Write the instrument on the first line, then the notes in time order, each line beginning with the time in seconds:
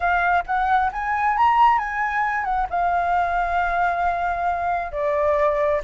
flute
0.00 F5
0.46 F#5
0.92 G#5
1.37 A#5
1.78 G#5
2.44 F#5
2.69 F5
4.92 D5